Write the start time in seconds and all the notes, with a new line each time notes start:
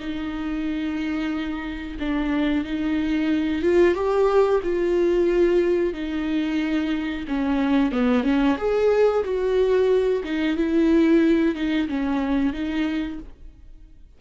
0.00 D#4
2.00 D4
2.65 D#4
3.62 F4
3.95 G4
4.63 F4
5.94 D#4
7.28 C#4
7.92 B3
8.24 C#4
8.58 G#4
9.25 F#4
10.24 D#4
10.57 E4
11.55 D#4
11.88 C#4
12.53 D#4